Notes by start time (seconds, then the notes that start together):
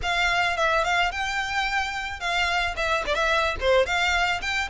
0.02 F5
0.57 E5
0.84 F5
1.11 G5
2.19 F5
2.76 E5
3.06 D5
3.14 E5
3.60 C5
3.85 F5
4.41 G5